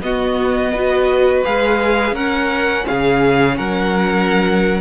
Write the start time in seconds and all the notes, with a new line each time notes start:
0.00 B3 F#4 D#5
0.72 F#4 B4
1.44 G#3 G#4 F5
2.12 C#4 A#4 F#5
2.87 C#3 G#4 F5
3.57 F#3 A#4 F#5